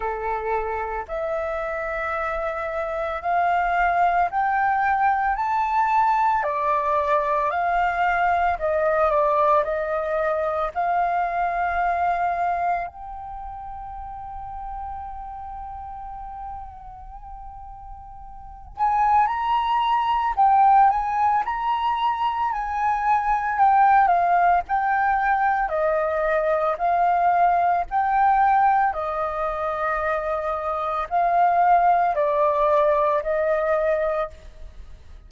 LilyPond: \new Staff \with { instrumentName = "flute" } { \time 4/4 \tempo 4 = 56 a'4 e''2 f''4 | g''4 a''4 d''4 f''4 | dis''8 d''8 dis''4 f''2 | g''1~ |
g''4. gis''8 ais''4 g''8 gis''8 | ais''4 gis''4 g''8 f''8 g''4 | dis''4 f''4 g''4 dis''4~ | dis''4 f''4 d''4 dis''4 | }